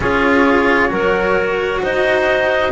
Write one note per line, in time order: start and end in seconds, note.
0.00 0.90 C#4
0.00 0.88 F4
0.00 0.91 G#4
0.00 1.81 C#5
0.88 1.81 F#3
0.88 2.70 F#4
0.88 1.82 A#4
1.82 2.71 D#4
1.82 2.71 C5
1.82 2.71 D#5